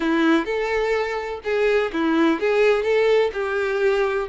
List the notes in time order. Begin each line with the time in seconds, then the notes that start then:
0.00 E4
0.45 A4
1.44 G#4
1.92 E4
2.40 G#4
2.83 A4
3.33 G4